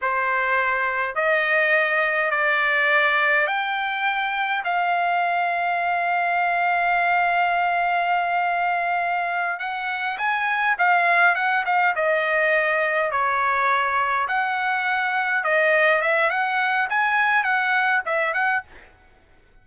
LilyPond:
\new Staff \with { instrumentName = "trumpet" } { \time 4/4 \tempo 4 = 103 c''2 dis''2 | d''2 g''2 | f''1~ | f''1~ |
f''8 fis''4 gis''4 f''4 fis''8 | f''8 dis''2 cis''4.~ | cis''8 fis''2 dis''4 e''8 | fis''4 gis''4 fis''4 e''8 fis''8 | }